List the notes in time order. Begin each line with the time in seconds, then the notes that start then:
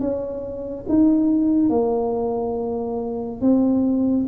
0.00 C#4
0.89 D#4
1.70 A#3
3.41 C4